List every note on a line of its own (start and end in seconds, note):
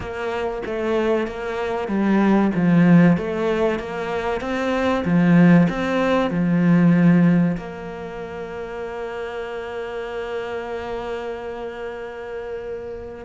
0.00 0.62 A#3
0.66 1.27 A3
1.27 1.87 A#3
1.87 2.51 G3
2.54 3.17 F3
3.17 3.79 A3
3.79 4.40 A#3
4.40 5.04 C4
5.04 5.67 F3
5.69 6.30 C4
6.30 7.56 F3
7.57 13.25 A#3